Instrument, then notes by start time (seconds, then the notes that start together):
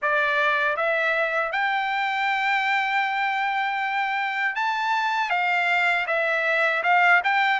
trumpet
0.02 D5
0.76 E5
1.52 G5
4.55 A5
5.30 F5
6.06 E5
6.83 F5
7.24 G5